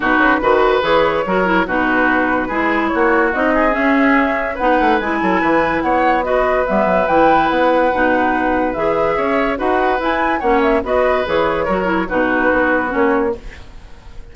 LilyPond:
<<
  \new Staff \with { instrumentName = "flute" } { \time 4/4 \tempo 4 = 144 b'2 cis''2 | b'2. cis''4 | dis''4 e''2 fis''4 | gis''2 fis''4 dis''4 |
e''4 g''4 fis''2~ | fis''4 e''2 fis''4 | gis''4 fis''8 e''8 dis''4 cis''4~ | cis''4 b'2 cis''4 | }
  \new Staff \with { instrumentName = "oboe" } { \time 4/4 fis'4 b'2 ais'4 | fis'2 gis'4 fis'4~ | fis'8 gis'2~ gis'8 b'4~ | b'8 a'8 b'4 cis''4 b'4~ |
b'1~ | b'2 cis''4 b'4~ | b'4 cis''4 b'2 | ais'4 fis'2. | }
  \new Staff \with { instrumentName = "clarinet" } { \time 4/4 dis'4 fis'4 gis'4 fis'8 e'8 | dis'2 e'2 | dis'4 cis'2 dis'4 | e'2. fis'4 |
b4 e'2 dis'4~ | dis'4 gis'2 fis'4 | e'4 cis'4 fis'4 gis'4 | fis'8 e'8 dis'2 cis'4 | }
  \new Staff \with { instrumentName = "bassoon" } { \time 4/4 b,8 cis8 dis4 e4 fis4 | b,2 gis4 ais4 | c'4 cis'2 b8 a8 | gis8 fis8 e4 b2 |
g8 fis8 e4 b4 b,4~ | b,4 e4 cis'4 dis'4 | e'4 ais4 b4 e4 | fis4 b,4 b4 ais4 | }
>>